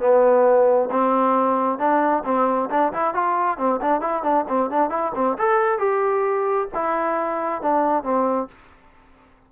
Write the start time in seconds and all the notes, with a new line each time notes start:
0.00 B3
0.91 C4
1.79 D4
2.25 C4
2.70 D4
2.93 E4
3.14 F4
3.58 C4
3.82 D4
4.01 E4
4.23 D4
4.49 C4
4.70 D4
4.90 E4
5.15 C4
5.38 A4
5.78 G4
6.74 E4
7.62 D4
8.03 C4